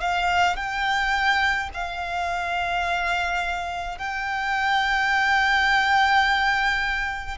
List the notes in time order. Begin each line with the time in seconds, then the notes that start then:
0.00 F5
0.56 G5
1.73 F5
3.98 G5